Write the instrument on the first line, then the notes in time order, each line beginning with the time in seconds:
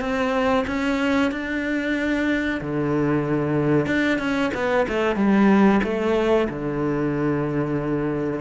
cello
0.00 C4
0.67 C#4
1.31 D4
2.60 D3
3.86 D4
4.18 C#4
4.54 B3
4.88 A3
5.16 G3
5.83 A3
6.49 D3